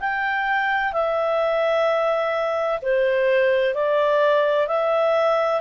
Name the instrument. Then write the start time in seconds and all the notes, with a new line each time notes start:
clarinet
0.00 G5
0.93 E5
2.82 C5
3.74 D5
4.67 E5